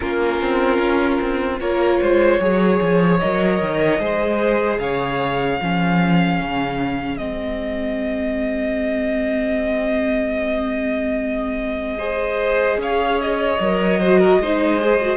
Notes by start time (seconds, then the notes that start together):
0.00 A#3 C#4 F4 A#4
0.41 C4
0.78 C#4
1.20 C4
1.60 A#3 F4 A#4 C#5
2.01 G#3 C5
2.39 F#3 G#4 C#5
2.81 F3
3.19 F#3 A#4 D#5
3.61 D#3
3.98 G#3 G#4 C5
4.78 C#3 C#5 F5
5.60 F3 C#4 G#4
6.40 C#3
7.17 G#3 C4 D#5
11.98 G#4 C5
12.77 C#4 C#5 F5
13.21 D#5
13.59 F#3 A#4
13.99 F#4 C5
14.18 A#4
14.37 G#3 D#4 C5
14.80 G#4
15.01 F#4